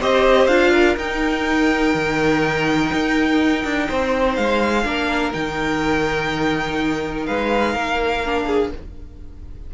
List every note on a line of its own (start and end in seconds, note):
0.00 0.48 C4
0.00 0.49 G4
0.00 0.72 C5
0.00 0.47 D#5
0.47 0.96 D4
0.47 0.97 F4
0.47 0.96 F5
0.72 3.86 A#4
0.97 1.94 D#4
0.97 4.85 D#4
0.97 4.36 G5
1.94 2.91 D#3
2.93 3.65 D#4
3.65 3.89 D4
3.87 4.38 C4
3.87 4.84 C5
4.36 4.85 G#3
4.36 5.32 F5
4.85 5.34 A#3
4.85 5.33 D4
4.85 7.27 A#4
5.33 7.28 D#3
5.33 8.23 D#4
5.33 7.26 G5
7.26 7.76 G#3
7.26 7.73 B4
7.26 8.71 F5
7.73 8.72 A#3
7.73 8.45 A#4
8.26 8.74 D4
8.47 8.71 G#4